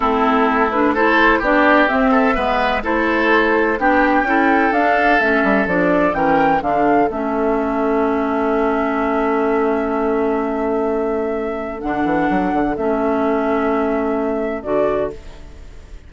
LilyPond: <<
  \new Staff \with { instrumentName = "flute" } { \time 4/4 \tempo 4 = 127 a'4. b'8 c''4 d''4 | e''2 c''2 | g''2 f''4 e''4 | d''4 g''4 f''4 e''4~ |
e''1~ | e''1~ | e''4 fis''2 e''4~ | e''2. d''4 | }
  \new Staff \with { instrumentName = "oboe" } { \time 4/4 e'2 a'4 g'4~ | g'8 a'8 b'4 a'2 | g'4 a'2.~ | a'4 ais'4 a'2~ |
a'1~ | a'1~ | a'1~ | a'1 | }
  \new Staff \with { instrumentName = "clarinet" } { \time 4/4 c'4. d'8 e'4 d'4 | c'4 b4 e'2 | d'4 e'4 d'4 cis'4 | d'4 cis'4 d'4 cis'4~ |
cis'1~ | cis'1~ | cis'4 d'2 cis'4~ | cis'2. fis'4 | }
  \new Staff \with { instrumentName = "bassoon" } { \time 4/4 a2. b4 | c'4 gis4 a2 | b4 cis'4 d'4 a8 g8 | f4 e4 d4 a4~ |
a1~ | a1~ | a4 d8 e8 fis8 d8 a4~ | a2. d4 | }
>>